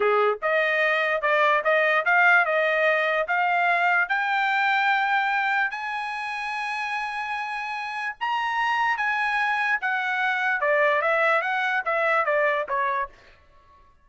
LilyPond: \new Staff \with { instrumentName = "trumpet" } { \time 4/4 \tempo 4 = 147 gis'4 dis''2 d''4 | dis''4 f''4 dis''2 | f''2 g''2~ | g''2 gis''2~ |
gis''1 | ais''2 gis''2 | fis''2 d''4 e''4 | fis''4 e''4 d''4 cis''4 | }